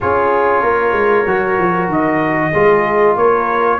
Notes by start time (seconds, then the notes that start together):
0.00 C#4 F4 G#4 C#5
0.61 A#3 A#4
0.92 G#3
1.26 F#3 F#4
1.58 F3
1.88 D#3 D#5
2.52 G#3 F4 G#4
3.15 A#3 A#4 C#5